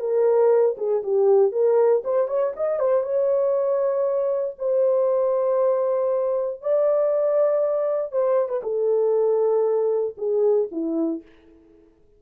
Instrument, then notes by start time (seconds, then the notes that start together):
horn
0.00 A#4
0.78 G#4
1.04 G4
1.52 A#4
2.05 C5
2.28 C#5
2.57 D#5
2.80 C5
3.03 C#5
4.59 C5
6.62 D5
8.12 C5
8.49 B4
8.63 A4
10.18 G#4
10.72 E4